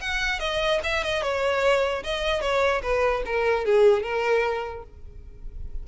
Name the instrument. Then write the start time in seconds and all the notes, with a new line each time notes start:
violin
0.00 F#5
0.40 D#5
0.83 E5
1.03 D#5
1.22 C#5
2.03 D#5
2.41 C#5
2.82 B4
3.25 A#4
3.65 G#4
4.02 A#4